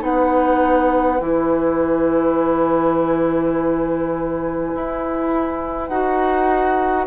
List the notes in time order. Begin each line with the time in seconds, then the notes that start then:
0.00 B3 D#4 B4 F#5
1.20 E3 E4 G#5
4.75 E4
5.87 D#4 F#4 F#5